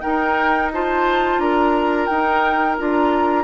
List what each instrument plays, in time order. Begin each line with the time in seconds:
0.00 clarinet D#4, bassoon D#4, oboe A#4, flute G5
0.72 clarinet F4, oboe C5, flute A5
1.38 bassoon D4, oboe A#4, flute A#5
2.06 bassoon D#4, clarinet D#4, flute G5
2.78 bassoon D4, clarinet F4, flute A#5